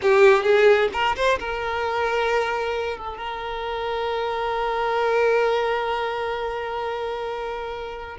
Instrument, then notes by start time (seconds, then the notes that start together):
violin
0.01 G4
0.43 G#4
0.93 A#4
1.15 C5
1.39 A#4
2.97 A4
3.17 A#4